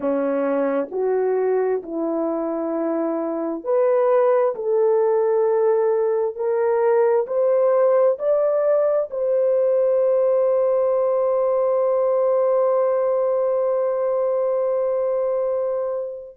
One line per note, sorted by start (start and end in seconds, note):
0.00 0.88 C#4
0.91 1.82 F#4
1.83 3.64 E4
3.64 4.55 B4
4.55 6.35 A4
6.35 7.26 A#4
7.26 8.17 C5
8.18 9.09 D5
9.10 16.36 C5